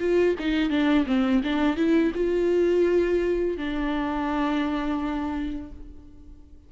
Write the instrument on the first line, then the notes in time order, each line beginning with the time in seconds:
viola
0.00 F4
0.39 D#4
0.70 D4
1.06 C4
1.44 D4
1.77 E4
2.15 F4
3.58 D4